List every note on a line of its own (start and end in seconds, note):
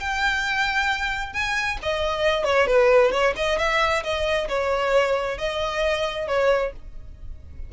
0.00 1.34 G5
1.34 1.78 G#5
1.83 2.45 D#5
2.45 2.67 C#5
2.67 3.12 B4
3.12 3.34 C#5
3.36 3.59 D#5
3.59 4.03 E5
4.04 4.48 D#5
4.49 5.38 C#5
5.38 6.28 D#5
6.28 6.73 C#5